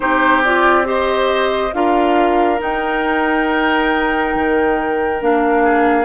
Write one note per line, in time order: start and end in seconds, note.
0.00 1.72 C4
0.00 0.43 D#4
0.00 0.87 G4
0.00 0.42 C5
0.43 0.84 F4
0.43 0.87 D5
0.84 1.71 G4
0.84 1.74 C5
0.84 1.73 D#5
1.73 2.60 D4
1.73 2.58 F4
1.73 5.63 A#4
1.73 2.60 F5
2.58 5.19 D#4
2.58 4.34 D#4
2.58 5.22 G5
4.34 5.21 D#3
5.20 6.05 A#3
5.20 6.05 D4
5.20 6.05 F5
5.63 6.05 G#4